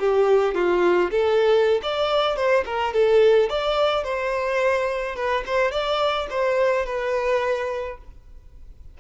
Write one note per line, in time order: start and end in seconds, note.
0.00 0.55 G4
0.55 1.11 F4
1.11 1.81 A4
1.83 2.37 D5
2.37 2.65 C5
2.66 2.94 A#4
2.94 3.50 A4
3.50 4.05 D5
4.05 5.16 C5
5.16 5.44 B4
5.47 5.72 C5
5.72 6.28 D5
6.31 6.86 C5
6.86 7.98 B4